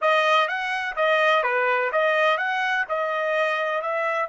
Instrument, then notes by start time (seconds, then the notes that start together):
trumpet
0.01 D#5
0.48 F#5
0.96 D#5
1.43 B4
1.92 D#5
2.37 F#5
2.89 D#5
3.81 E5